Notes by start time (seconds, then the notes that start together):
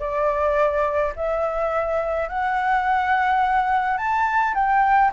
0.00 D5
1.16 E5
2.30 F#5
3.98 A5
4.55 G5